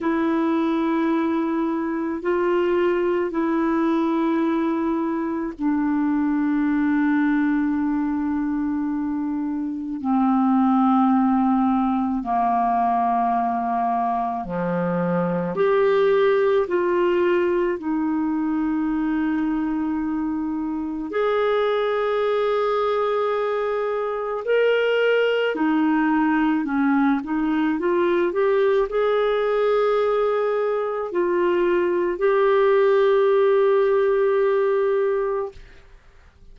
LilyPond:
\new Staff \with { instrumentName = "clarinet" } { \time 4/4 \tempo 4 = 54 e'2 f'4 e'4~ | e'4 d'2.~ | d'4 c'2 ais4~ | ais4 f4 g'4 f'4 |
dis'2. gis'4~ | gis'2 ais'4 dis'4 | cis'8 dis'8 f'8 g'8 gis'2 | f'4 g'2. | }